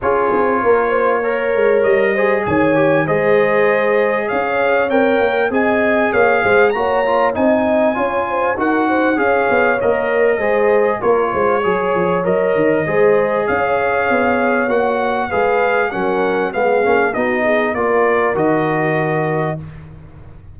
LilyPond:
<<
  \new Staff \with { instrumentName = "trumpet" } { \time 4/4 \tempo 4 = 98 cis''2. dis''4 | gis''4 dis''2 f''4 | g''4 gis''4 f''4 ais''4 | gis''2 fis''4 f''4 |
dis''2 cis''2 | dis''2 f''2 | fis''4 f''4 fis''4 f''4 | dis''4 d''4 dis''2 | }
  \new Staff \with { instrumentName = "horn" } { \time 4/4 gis'4 ais'8 c''8 cis''4. c''8 | cis''4 c''2 cis''4~ | cis''4 dis''4 cis''8 c''8 cis''4 | dis''4 cis''8 c''8 ais'8 c''8 cis''4~ |
cis''4 c''4 ais'8 c''8 cis''4~ | cis''4 c''4 cis''2~ | cis''4 b'4 ais'4 gis'4 | fis'8 gis'8 ais'2. | }
  \new Staff \with { instrumentName = "trombone" } { \time 4/4 f'2 ais'4. gis'8~ | gis'8 g'8 gis'2. | ais'4 gis'2 fis'8 f'8 | dis'4 f'4 fis'4 gis'4 |
ais'4 gis'4 f'4 gis'4 | ais'4 gis'2. | fis'4 gis'4 cis'4 b8 cis'8 | dis'4 f'4 fis'2 | }
  \new Staff \with { instrumentName = "tuba" } { \time 4/4 cis'8 c'8 ais4. gis8 g4 | dis4 gis2 cis'4 | c'8 ais8 c'4 ais8 gis8 ais4 | c'4 cis'4 dis'4 cis'8 b8 |
ais4 gis4 ais8 gis8 fis8 f8 | fis8 dis8 gis4 cis'4 b4 | ais4 gis4 fis4 gis8 ais8 | b4 ais4 dis2 | }
>>